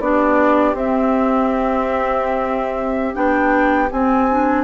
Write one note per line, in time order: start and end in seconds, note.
0.00 0.74 B3
0.00 0.76 D4
0.00 4.64 G4
0.00 0.75 D5
0.74 3.15 C4
0.74 3.16 E5
3.15 3.90 B3
3.15 3.89 D4
3.15 3.90 G5
3.92 4.64 C4
3.92 4.29 C4
3.92 4.64 G#5
4.31 4.64 D4